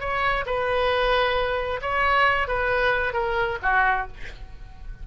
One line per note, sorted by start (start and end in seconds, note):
0.00 0.45 C#5
0.46 1.80 B4
1.82 2.47 C#5
2.47 3.13 B4
3.13 3.58 A#4
3.62 4.07 F#4